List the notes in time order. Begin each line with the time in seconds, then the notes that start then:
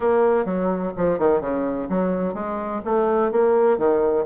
0.00 A#3
0.45 F#3
0.96 F3
1.18 D#3
1.40 C#3
1.89 F#3
2.34 G#3
2.84 A3
3.31 A#3
3.78 D#3